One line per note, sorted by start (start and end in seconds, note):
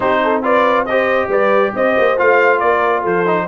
0.00 1.27 C4
0.00 0.42 D#4
0.00 0.22 G4
0.00 0.42 C5
0.23 0.44 A4
0.42 0.86 F4
0.42 0.87 B4
0.42 0.85 D5
0.85 2.17 G4
0.85 1.29 C5
0.85 1.29 D#5
1.28 1.72 G3
1.28 1.72 B4
1.28 1.75 D5
1.75 1.97 C4
1.75 2.62 C5
1.75 2.18 D#5
1.98 2.18 A#3
2.17 2.61 A3
2.17 3.26 F4
2.17 2.59 F5
2.59 3.05 A#3
2.59 3.01 A#4
2.59 3.03 D5
3.01 3.47 F3
3.01 3.44 A4
3.01 3.47 C5
3.26 3.47 D#4